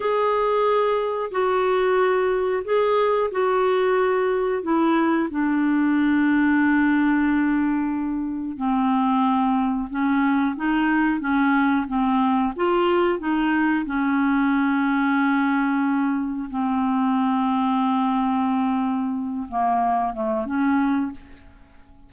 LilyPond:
\new Staff \with { instrumentName = "clarinet" } { \time 4/4 \tempo 4 = 91 gis'2 fis'2 | gis'4 fis'2 e'4 | d'1~ | d'4 c'2 cis'4 |
dis'4 cis'4 c'4 f'4 | dis'4 cis'2.~ | cis'4 c'2.~ | c'4. ais4 a8 cis'4 | }